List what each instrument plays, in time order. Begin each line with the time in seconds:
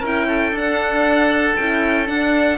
0.00 cello C#4, horn E4, oboe A#4
0.06 violin G5
0.28 oboe A4
0.52 horn D4, cello D4, violin F#5
1.56 cello C#4, horn E4, violin G5
2.06 horn D4, cello D4, violin F#5